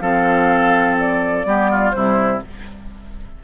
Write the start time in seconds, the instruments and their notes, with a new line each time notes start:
0.00 bassoon F3, clarinet C4, oboe A4, flute F5
1.00 flute D5
1.45 bassoon G3, clarinet B3, oboe G4
1.71 oboe F4
1.91 bassoon C3, clarinet G3, oboe E4, flute C5